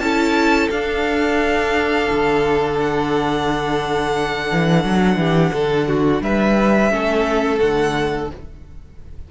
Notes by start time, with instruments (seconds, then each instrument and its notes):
0.00 cello C#4, viola E4, violin A4 A5
0.71 cello D4, viola D4, violin F5
2.12 cello D3
2.81 violin F#5
4.52 cello E3
4.84 cello F#3
5.17 cello E3, violin G4
5.53 cello D3, violin A4
5.88 violin F#4
6.22 cello G3, violin B4 E5
6.90 cello A3, viola C#4, violin A4
7.59 cello D3, viola A3, violin F#5